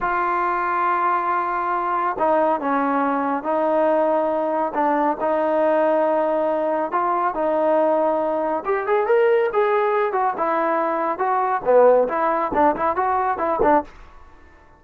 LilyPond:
\new Staff \with { instrumentName = "trombone" } { \time 4/4 \tempo 4 = 139 f'1~ | f'4 dis'4 cis'2 | dis'2. d'4 | dis'1 |
f'4 dis'2. | g'8 gis'8 ais'4 gis'4. fis'8 | e'2 fis'4 b4 | e'4 d'8 e'8 fis'4 e'8 d'8 | }